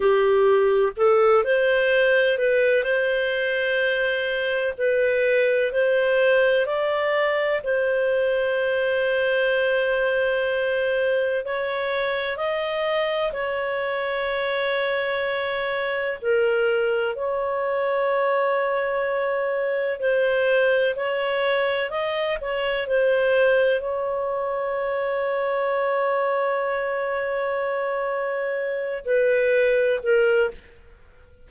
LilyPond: \new Staff \with { instrumentName = "clarinet" } { \time 4/4 \tempo 4 = 63 g'4 a'8 c''4 b'8 c''4~ | c''4 b'4 c''4 d''4 | c''1 | cis''4 dis''4 cis''2~ |
cis''4 ais'4 cis''2~ | cis''4 c''4 cis''4 dis''8 cis''8 | c''4 cis''2.~ | cis''2~ cis''8 b'4 ais'8 | }